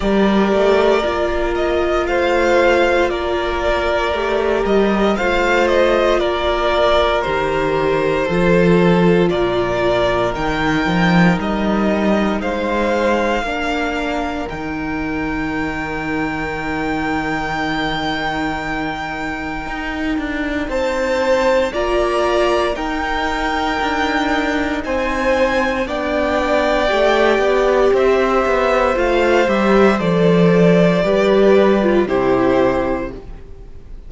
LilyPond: <<
  \new Staff \with { instrumentName = "violin" } { \time 4/4 \tempo 4 = 58 d''4. dis''8 f''4 d''4~ | d''8 dis''8 f''8 dis''8 d''4 c''4~ | c''4 d''4 g''4 dis''4 | f''2 g''2~ |
g''1 | a''4 ais''4 g''2 | gis''4 g''2 e''4 | f''8 e''8 d''2 c''4 | }
  \new Staff \with { instrumentName = "violin" } { \time 4/4 ais'2 c''4 ais'4~ | ais'4 c''4 ais'2 | a'4 ais'2. | c''4 ais'2.~ |
ais'1 | c''4 d''4 ais'2 | c''4 d''2 c''4~ | c''2 b'4 g'4 | }
  \new Staff \with { instrumentName = "viola" } { \time 4/4 g'4 f'2. | g'4 f'2 g'4 | f'2 dis'2~ | dis'4 d'4 dis'2~ |
dis'1~ | dis'4 f'4 dis'2~ | dis'4 d'4 g'2 | f'8 g'8 a'4 g'8. f'16 e'4 | }
  \new Staff \with { instrumentName = "cello" } { \time 4/4 g8 a8 ais4 a4 ais4 | a8 g8 a4 ais4 dis4 | f4 ais,4 dis8 f8 g4 | gis4 ais4 dis2~ |
dis2. dis'8 d'8 | c'4 ais4 dis'4 d'4 | c'4 b4 a8 b8 c'8 b8 | a8 g8 f4 g4 c4 | }
>>